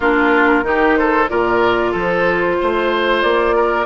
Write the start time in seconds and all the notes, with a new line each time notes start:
0.00 A#3 D4 F4 A#4
0.62 D#3 D#4 G4
0.96 A4 C5
1.28 A#2 F4 A#4 D5
1.91 F3 A4 C5
2.60 A3 C5
3.21 A#3 D5
3.56 A#4